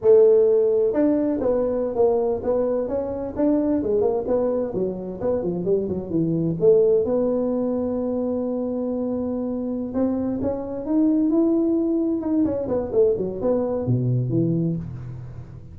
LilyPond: \new Staff \with { instrumentName = "tuba" } { \time 4/4 \tempo 4 = 130 a2 d'4 b4~ | b16 ais4 b4 cis'4 d'8.~ | d'16 gis8 ais8 b4 fis4 b8 f16~ | f16 g8 fis8 e4 a4 b8.~ |
b1~ | b4. c'4 cis'4 dis'8~ | dis'8 e'2 dis'8 cis'8 b8 | a8 fis8 b4 b,4 e4 | }